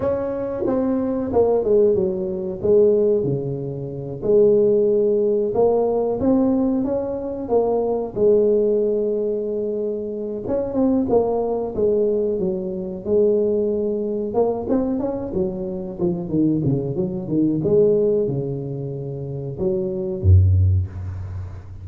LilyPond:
\new Staff \with { instrumentName = "tuba" } { \time 4/4 \tempo 4 = 92 cis'4 c'4 ais8 gis8 fis4 | gis4 cis4. gis4.~ | gis8 ais4 c'4 cis'4 ais8~ | ais8 gis2.~ gis8 |
cis'8 c'8 ais4 gis4 fis4 | gis2 ais8 c'8 cis'8 fis8~ | fis8 f8 dis8 cis8 fis8 dis8 gis4 | cis2 fis4 fis,4 | }